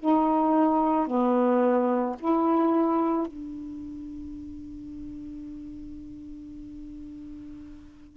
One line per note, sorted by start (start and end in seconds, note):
0.00 1.07 D#4
1.07 2.16 B3
2.20 3.27 E4
3.27 8.17 D4